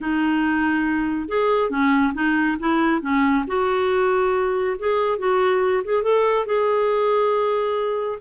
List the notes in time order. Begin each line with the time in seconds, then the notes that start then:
0.00 D#4
1.28 G#4
1.70 C#4
2.14 D#4
2.59 E4
3.01 C#4
3.47 F#4
4.78 G#4
5.18 F#4
5.84 G#4
6.02 A4
6.46 G#4